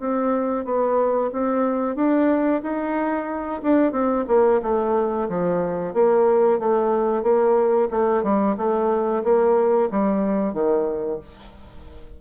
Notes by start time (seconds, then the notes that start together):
0.00 C4
0.65 B3
1.33 C4
1.96 D4
2.63 D#4
3.63 D4
3.92 C4
4.28 A#3
4.63 A3
5.29 F3
5.94 A#3
6.59 A3
7.23 A#3
7.91 A3
8.23 G3
8.57 A3
9.24 A#3
9.91 G3
10.53 D#3